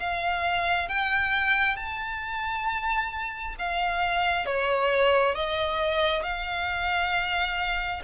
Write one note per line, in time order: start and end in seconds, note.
0.00 0.89 F5
0.89 1.77 G5
1.77 3.56 A5
3.59 4.46 F5
4.46 5.36 C#5
5.36 6.23 D#5
6.23 8.02 F5